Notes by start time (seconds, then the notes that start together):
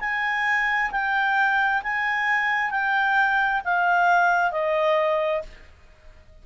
0.00 G#5
0.91 G5
1.83 G#5
2.71 G5
3.65 F5
4.51 D#5